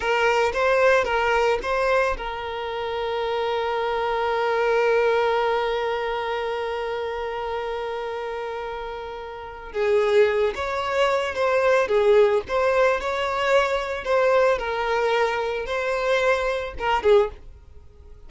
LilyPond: \new Staff \with { instrumentName = "violin" } { \time 4/4 \tempo 4 = 111 ais'4 c''4 ais'4 c''4 | ais'1~ | ais'1~ | ais'1~ |
ais'2 gis'4. cis''8~ | cis''4 c''4 gis'4 c''4 | cis''2 c''4 ais'4~ | ais'4 c''2 ais'8 gis'8 | }